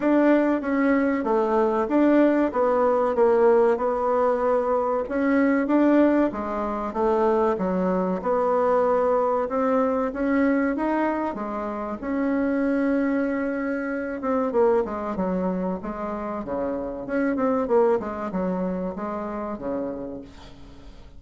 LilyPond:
\new Staff \with { instrumentName = "bassoon" } { \time 4/4 \tempo 4 = 95 d'4 cis'4 a4 d'4 | b4 ais4 b2 | cis'4 d'4 gis4 a4 | fis4 b2 c'4 |
cis'4 dis'4 gis4 cis'4~ | cis'2~ cis'8 c'8 ais8 gis8 | fis4 gis4 cis4 cis'8 c'8 | ais8 gis8 fis4 gis4 cis4 | }